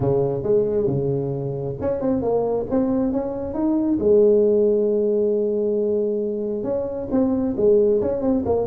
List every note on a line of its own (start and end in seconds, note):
0.00 0.43 C#3
0.43 0.86 G#3
0.86 1.75 C#3
1.80 2.00 C#4
2.00 2.22 C4
2.22 2.66 A#3
2.70 3.12 C4
3.12 3.54 C#4
3.54 3.98 D#4
3.99 6.63 G#3
6.63 7.08 C#4
7.11 7.55 C4
7.56 8.01 G#3
8.01 8.21 C#4
8.21 8.44 C4
8.45 8.67 A#3